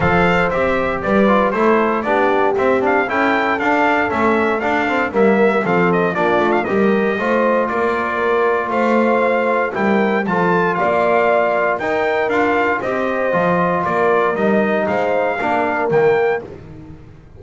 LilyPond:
<<
  \new Staff \with { instrumentName = "trumpet" } { \time 4/4 \tempo 4 = 117 f''4 e''4 d''4 c''4 | d''4 e''8 f''8 g''4 f''4 | e''4 f''4 e''4 f''8 dis''8 | d''8. f''16 dis''2 d''4~ |
d''4 f''2 g''4 | a''4 f''2 g''4 | f''4 dis''2 d''4 | dis''4 f''2 g''4 | }
  \new Staff \with { instrumentName = "horn" } { \time 4/4 c''2 b'4 a'4 | g'2 a'2~ | a'2 ais'4 a'4 | f'4 ais'4 c''4 ais'4~ |
ais'4 c''2 ais'4 | a'4 d''2 ais'4~ | ais'4 c''2 ais'4~ | ais'4 c''4 ais'2 | }
  \new Staff \with { instrumentName = "trombone" } { \time 4/4 a'4 g'4. f'8 e'4 | d'4 c'8 d'8 e'4 d'4 | cis'4 d'8 c'8 ais4 c'4 | d'4 g'4 f'2~ |
f'2. e'4 | f'2. dis'4 | f'4 g'4 f'2 | dis'2 d'4 ais4 | }
  \new Staff \with { instrumentName = "double bass" } { \time 4/4 f4 c'4 g4 a4 | b4 c'4 cis'4 d'4 | a4 d'4 g4 f4 | ais8 a8 g4 a4 ais4~ |
ais4 a2 g4 | f4 ais2 dis'4 | d'4 c'4 f4 ais4 | g4 gis4 ais4 dis4 | }
>>